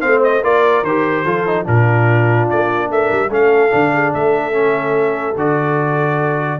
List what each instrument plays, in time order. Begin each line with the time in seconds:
0.00 tuba A3, trombone C4, horn C5, trumpet F5
0.23 trumpet D#5
0.42 tuba A#3, trombone F4, horn A#4, trumpet D5
0.83 tuba D#3, trombone G4, trumpet C5
1.24 tuba F3, trombone F4, horn A4
1.46 trombone D#4
1.65 tuba A#2, trombone D4, horn F4, trumpet A#4
2.49 tuba A#3, trumpet D5
2.90 tuba A3, horn A#4, trumpet E5
3.11 tuba G3
3.29 tuba A3, trombone C#4, horn A4, trumpet F5
3.70 tuba D3, trombone D4
3.93 horn G#4
4.14 tuba A3, horn A4, trumpet E5
4.52 trombone C#4
5.36 tuba D3, trombone F#4, trumpet D5